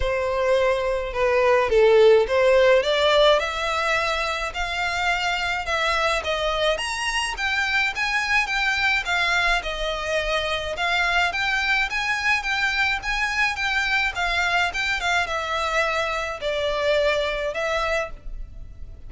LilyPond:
\new Staff \with { instrumentName = "violin" } { \time 4/4 \tempo 4 = 106 c''2 b'4 a'4 | c''4 d''4 e''2 | f''2 e''4 dis''4 | ais''4 g''4 gis''4 g''4 |
f''4 dis''2 f''4 | g''4 gis''4 g''4 gis''4 | g''4 f''4 g''8 f''8 e''4~ | e''4 d''2 e''4 | }